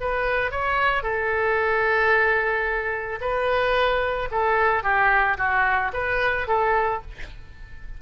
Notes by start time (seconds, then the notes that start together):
0.00 B4
0.51 C#5
1.03 A4
3.21 B4
4.31 A4
4.83 G4
5.37 F#4
5.93 B4
6.47 A4